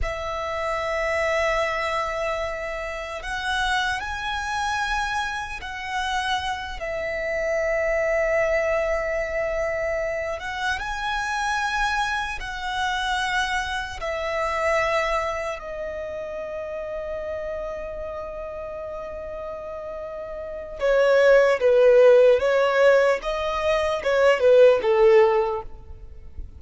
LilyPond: \new Staff \with { instrumentName = "violin" } { \time 4/4 \tempo 4 = 75 e''1 | fis''4 gis''2 fis''4~ | fis''8 e''2.~ e''8~ | e''4 fis''8 gis''2 fis''8~ |
fis''4. e''2 dis''8~ | dis''1~ | dis''2 cis''4 b'4 | cis''4 dis''4 cis''8 b'8 a'4 | }